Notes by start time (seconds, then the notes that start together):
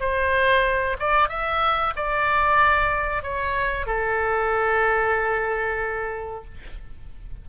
0.00 C5
0.99 D5
1.29 E5
1.96 D5
3.23 C#5
3.87 A4